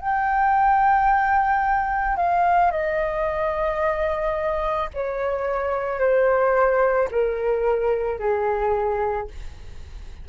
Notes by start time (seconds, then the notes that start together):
0.00 G5
2.17 F5
2.71 D#5
4.94 C#5
5.99 C5
7.11 A#4
8.19 G#4